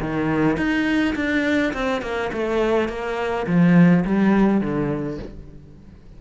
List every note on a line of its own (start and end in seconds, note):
0.00 0.57 D#3
0.57 1.14 D#4
1.15 1.73 D4
1.73 2.01 C4
2.01 2.30 A#3
2.32 2.88 A3
2.88 3.46 A#3
3.46 4.04 F3
4.05 4.60 G3
4.60 5.18 D3